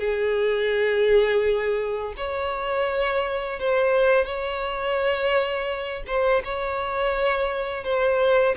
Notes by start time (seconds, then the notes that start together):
0.00 G#4
2.18 C#5
3.60 C5
4.25 C#5
6.07 C5
6.45 C#5
7.84 C5